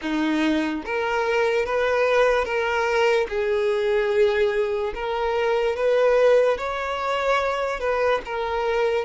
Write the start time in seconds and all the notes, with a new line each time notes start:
0.01 D#4
0.85 A#4
1.65 B4
2.44 A#4
3.28 G#4
4.94 A#4
5.75 B4
6.58 C#5
7.80 B4
8.25 A#4